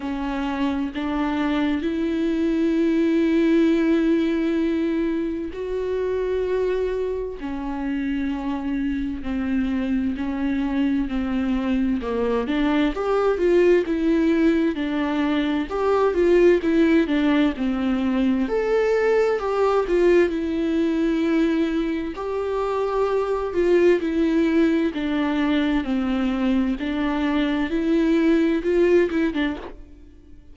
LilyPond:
\new Staff \with { instrumentName = "viola" } { \time 4/4 \tempo 4 = 65 cis'4 d'4 e'2~ | e'2 fis'2 | cis'2 c'4 cis'4 | c'4 ais8 d'8 g'8 f'8 e'4 |
d'4 g'8 f'8 e'8 d'8 c'4 | a'4 g'8 f'8 e'2 | g'4. f'8 e'4 d'4 | c'4 d'4 e'4 f'8 e'16 d'16 | }